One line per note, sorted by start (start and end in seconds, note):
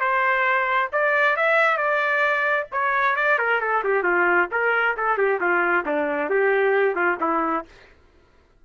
0.00 0.90 C5
0.92 1.36 D5
1.36 1.77 E5
1.77 2.66 D5
2.72 3.16 C#5
3.16 3.38 D5
3.38 3.60 A#4
3.60 3.83 A4
3.83 4.03 G4
4.03 4.48 F4
4.51 4.96 A#4
4.96 5.17 A4
5.17 5.40 G4
5.40 5.85 F4
5.85 6.29 D4
6.29 6.95 G4
6.95 7.17 F4
7.20 7.65 E4